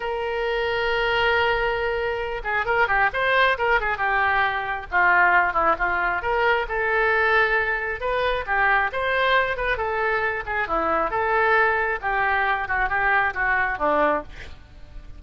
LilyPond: \new Staff \with { instrumentName = "oboe" } { \time 4/4 \tempo 4 = 135 ais'1~ | ais'4. gis'8 ais'8 g'8 c''4 | ais'8 gis'8 g'2 f'4~ | f'8 e'8 f'4 ais'4 a'4~ |
a'2 b'4 g'4 | c''4. b'8 a'4. gis'8 | e'4 a'2 g'4~ | g'8 fis'8 g'4 fis'4 d'4 | }